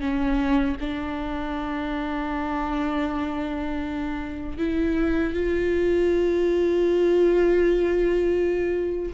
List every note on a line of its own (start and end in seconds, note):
0.00 0.76 C#4
0.80 4.58 D4
4.58 5.33 E4
5.33 9.13 F4